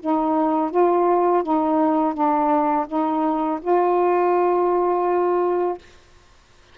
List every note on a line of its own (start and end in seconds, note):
0.00 0.71 D#4
0.71 1.43 F4
1.43 2.14 D#4
2.14 2.86 D4
2.87 3.59 D#4
3.61 5.78 F4